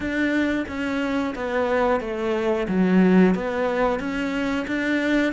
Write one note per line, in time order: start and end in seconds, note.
0.00 0.65 D4
0.68 1.34 C#4
1.35 2.00 B3
2.00 2.67 A3
2.68 3.34 F#3
3.35 3.99 B3
3.99 4.66 C#4
4.67 5.32 D4